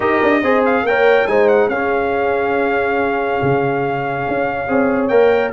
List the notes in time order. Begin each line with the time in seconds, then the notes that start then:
0.00 D#4 G4 A#4 D#5
0.22 D4
0.42 C4 G#4 C5
0.65 F5
0.83 A#3 A#4 C#5 G5
1.27 G#3 D#4 C5 G#5
1.48 F#5
1.68 C#4 G#4 F5
3.42 C#3
4.28 C#4
4.68 C4 G#4 C#5
5.07 A#3 A#4 G5